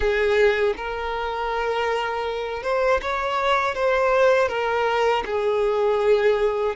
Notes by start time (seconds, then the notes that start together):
0.00 G#4
0.76 A#4
2.62 C5
3.01 C#5
3.75 C5
4.48 A#4
5.25 G#4